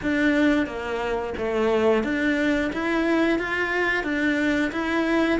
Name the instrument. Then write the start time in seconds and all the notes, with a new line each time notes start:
cello
0.02 D4
0.66 A#3
1.37 A3
2.03 D4
2.72 E4
3.38 F4
4.03 D4
4.72 E4